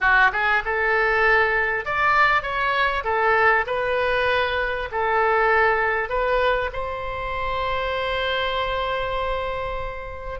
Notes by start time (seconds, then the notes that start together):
0.00 F#4
0.32 G#4
0.64 A4
1.85 D5
2.42 C#5
3.03 A4
3.66 B4
4.91 A4
6.09 B4
6.72 C5